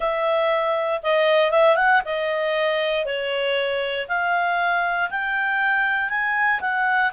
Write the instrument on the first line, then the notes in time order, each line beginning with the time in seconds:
clarinet
0.00 E5
1.02 D#5
1.51 E5
1.76 F#5
2.05 D#5
3.05 C#5
4.08 F5
5.10 G5
6.09 G#5
6.61 F#5